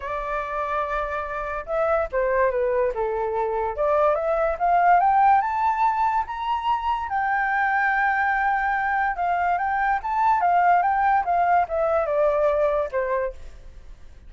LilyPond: \new Staff \with { instrumentName = "flute" } { \time 4/4 \tempo 4 = 144 d''1 | e''4 c''4 b'4 a'4~ | a'4 d''4 e''4 f''4 | g''4 a''2 ais''4~ |
ais''4 g''2.~ | g''2 f''4 g''4 | a''4 f''4 g''4 f''4 | e''4 d''2 c''4 | }